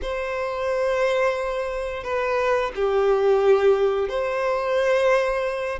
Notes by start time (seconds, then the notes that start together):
0.02 C5
2.03 B4
2.75 G4
4.08 C5